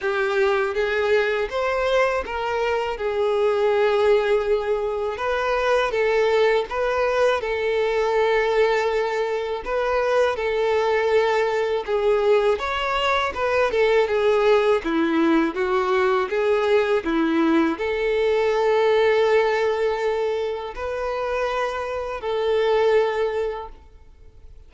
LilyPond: \new Staff \with { instrumentName = "violin" } { \time 4/4 \tempo 4 = 81 g'4 gis'4 c''4 ais'4 | gis'2. b'4 | a'4 b'4 a'2~ | a'4 b'4 a'2 |
gis'4 cis''4 b'8 a'8 gis'4 | e'4 fis'4 gis'4 e'4 | a'1 | b'2 a'2 | }